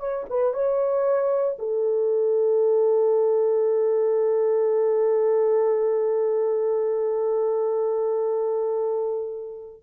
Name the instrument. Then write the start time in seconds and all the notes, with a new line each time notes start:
horn
0.00 C#5
0.30 B4
0.54 C#5
1.59 A4